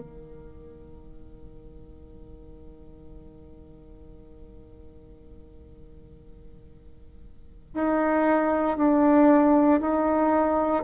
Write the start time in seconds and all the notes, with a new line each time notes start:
0.00 D#3
7.74 D#4
8.77 D4
9.80 D#4